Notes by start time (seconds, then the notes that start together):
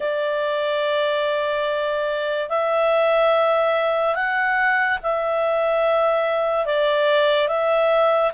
0.00 D5
2.48 E5
4.15 F#5
5.02 E5
6.65 D5
7.48 E5